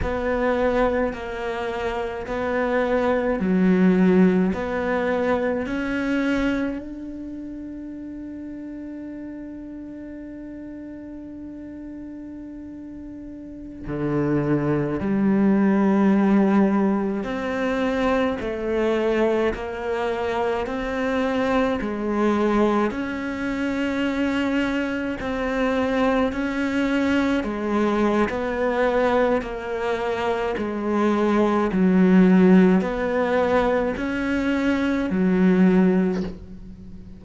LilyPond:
\new Staff \with { instrumentName = "cello" } { \time 4/4 \tempo 4 = 53 b4 ais4 b4 fis4 | b4 cis'4 d'2~ | d'1~ | d'16 d4 g2 c'8.~ |
c'16 a4 ais4 c'4 gis8.~ | gis16 cis'2 c'4 cis'8.~ | cis'16 gis8. b4 ais4 gis4 | fis4 b4 cis'4 fis4 | }